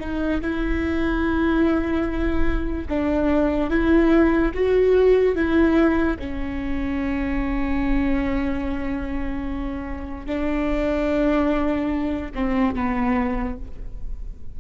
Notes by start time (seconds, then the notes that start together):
0.00 D#4
0.41 E4
2.89 D4
3.70 E4
4.54 F#4
5.35 E4
6.19 C#4
10.26 D4
12.35 C4
12.75 B3